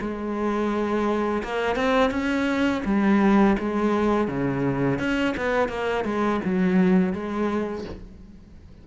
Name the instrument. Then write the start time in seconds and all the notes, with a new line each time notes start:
cello
0.00 G#3
1.43 A#3
1.76 C4
2.10 C#4
2.85 G3
3.58 G#3
4.28 C#3
4.99 C#4
5.37 B3
5.69 A#3
6.04 G#3
6.44 F#3
7.13 G#3